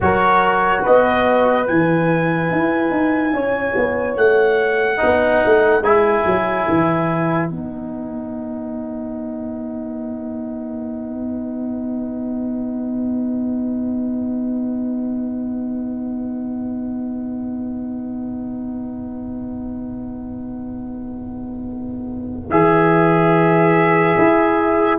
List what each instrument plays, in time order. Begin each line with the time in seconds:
0.00 tuba F#3, trombone F#4, horn A#4, trumpet C#5
0.82 tuba B3, horn B4, trumpet D#5
1.65 tuba E3, trombone E4, trumpet G#5
2.51 tuba E4
2.91 tuba D#4
3.32 tuba C#4, horn C#5
3.76 tuba B3
4.16 tuba A3, trumpet F#5
4.97 tuba B3, trombone D#4, horn B4
5.45 tuba A3
5.81 tuba G#3, trombone E4, trumpet G#5
6.25 tuba F#3
6.69 tuba E3
7.47 tuba B3, trombone D#4, trumpet F#5
22.49 tuba E3, trombone G#4, trumpet E5
24.18 tuba E4